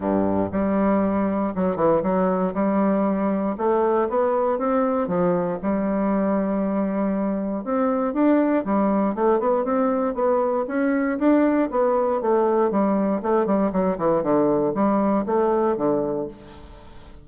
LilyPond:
\new Staff \with { instrumentName = "bassoon" } { \time 4/4 \tempo 4 = 118 g,4 g2 fis8 e8 | fis4 g2 a4 | b4 c'4 f4 g4~ | g2. c'4 |
d'4 g4 a8 b8 c'4 | b4 cis'4 d'4 b4 | a4 g4 a8 g8 fis8 e8 | d4 g4 a4 d4 | }